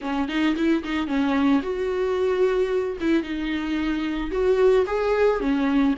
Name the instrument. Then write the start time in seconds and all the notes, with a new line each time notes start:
viola
0.01 C#4
0.28 D#4
0.56 E4
0.83 D#4
1.07 C#4
1.62 F#4
3.00 E4
3.22 D#4
4.31 F#4
4.86 G#4
5.40 C#4